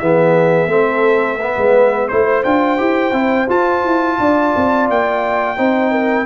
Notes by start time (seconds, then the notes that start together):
0.00 E3 B3 G#4 E5
0.67 A3 C4 A4
1.38 B3 B4
1.58 G#3
2.09 A3 E4 C5
2.44 D4 F4 G5
2.78 E4 G4
3.13 C4 E4
3.49 F4 A5
3.84 E4
4.19 D4 D5
4.56 C4
4.90 A#3 G5
5.57 C4 D#4 C5
5.91 A#4